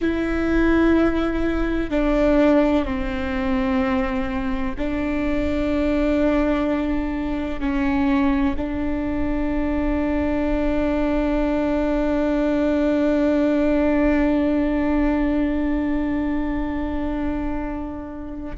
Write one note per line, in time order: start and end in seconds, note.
0.01 1.90 E4
1.90 2.85 D4
2.85 4.75 C4
4.77 7.60 D4
7.60 8.55 C#4
8.57 18.57 D4